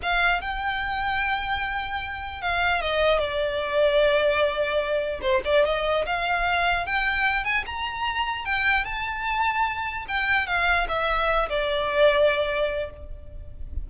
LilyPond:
\new Staff \with { instrumentName = "violin" } { \time 4/4 \tempo 4 = 149 f''4 g''2.~ | g''2 f''4 dis''4 | d''1~ | d''4 c''8 d''8 dis''4 f''4~ |
f''4 g''4. gis''8 ais''4~ | ais''4 g''4 a''2~ | a''4 g''4 f''4 e''4~ | e''8 d''2.~ d''8 | }